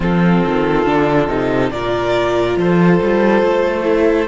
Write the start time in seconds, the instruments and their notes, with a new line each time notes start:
0.00 cello F3, viola C4, violin F4 A4
0.45 cello D#3
0.85 cello D3, viola D4
1.27 cello C3, viola D#4
1.70 cello A#2, viola F4, violin A#4 D5
2.56 cello F3, violin A4 C5
3.02 cello G3
3.42 cello A3
3.83 viola E4